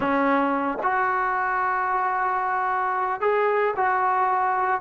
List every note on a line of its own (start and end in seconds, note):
0.00 0.78 C#4
0.83 3.20 F#4
3.20 3.74 G#4
3.76 4.81 F#4